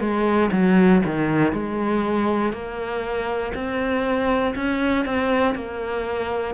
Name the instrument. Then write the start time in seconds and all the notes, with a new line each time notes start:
cello
0.00 G#3
0.52 F#3
1.05 D#3
1.53 G#3
2.52 A#3
3.54 C4
4.55 C#4
5.05 C4
5.55 A#3